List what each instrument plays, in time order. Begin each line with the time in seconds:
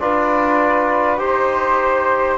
0.00 double bass D4, trombone F4, flute B4, trumpet D5
1.19 double bass D#4, trombone G4, flute C5, trumpet C5